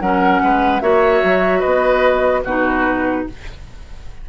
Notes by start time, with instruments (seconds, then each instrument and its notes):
0.00 bassoon F#3, clarinet C#4, oboe A#4, flute F#5
0.43 bassoon G#3, oboe B4
0.80 bassoon A#3, clarinet F#4, oboe C#5, flute E5
1.23 bassoon F#3
1.59 bassoon B3, oboe B4, flute D#5
2.44 bassoon B2, clarinet D#4, oboe F#4, flute B4